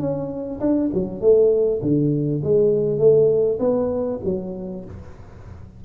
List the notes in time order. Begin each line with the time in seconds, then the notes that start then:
0.00 C#4
0.60 D4
0.94 F#3
1.21 A3
1.82 D3
2.44 G#3
2.99 A3
3.60 B3
4.25 F#3